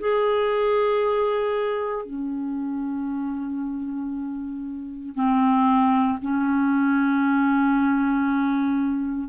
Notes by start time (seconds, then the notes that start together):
0.00 G#4
2.05 C#4
5.16 C4
6.22 C#4